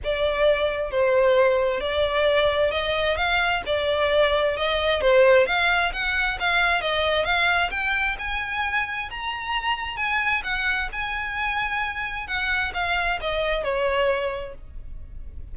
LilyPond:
\new Staff \with { instrumentName = "violin" } { \time 4/4 \tempo 4 = 132 d''2 c''2 | d''2 dis''4 f''4 | d''2 dis''4 c''4 | f''4 fis''4 f''4 dis''4 |
f''4 g''4 gis''2 | ais''2 gis''4 fis''4 | gis''2. fis''4 | f''4 dis''4 cis''2 | }